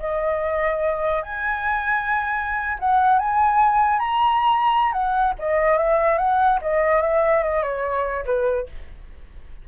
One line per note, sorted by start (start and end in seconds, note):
0.00 1.23 D#5
1.23 2.78 G#5
2.80 3.19 F#5
3.19 3.99 G#5
3.99 4.93 A#5
4.93 5.34 F#5
5.39 5.78 D#5
5.78 6.18 E5
6.18 6.60 F#5
6.62 7.02 D#5
7.02 7.44 E5
7.44 7.63 D#5
7.63 8.25 C#5
8.26 8.67 B4